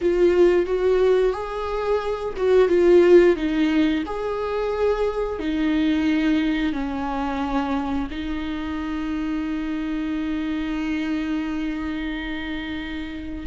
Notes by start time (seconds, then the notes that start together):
0.01 F4
0.66 F#4
1.32 G#4
2.36 F#4
2.68 F4
3.36 D#4
4.06 G#4
5.39 D#4
6.72 C#4
8.11 D#4